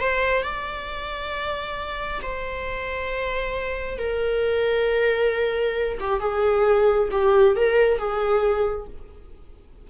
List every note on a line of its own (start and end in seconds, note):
0.00 0.43 C5
0.43 2.20 D5
2.22 3.98 C5
3.98 5.98 A#4
6.00 6.20 G4
6.20 7.09 G#4
7.12 7.56 G4
7.56 7.99 A#4
7.99 8.87 G#4